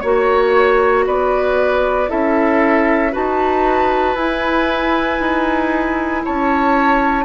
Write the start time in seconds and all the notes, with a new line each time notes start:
0.00 A#3 F#4 C#5
1.06 B3 B4 D5
2.08 C#4 E4 A4 E5
3.12 D#4 F#4 B4 A5
4.15 E4 G#5
5.20 D#4
6.25 C#4 C#5 A5